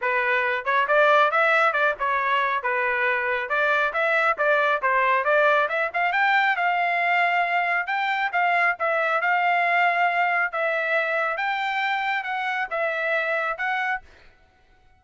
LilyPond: \new Staff \with { instrumentName = "trumpet" } { \time 4/4 \tempo 4 = 137 b'4. cis''8 d''4 e''4 | d''8 cis''4. b'2 | d''4 e''4 d''4 c''4 | d''4 e''8 f''8 g''4 f''4~ |
f''2 g''4 f''4 | e''4 f''2. | e''2 g''2 | fis''4 e''2 fis''4 | }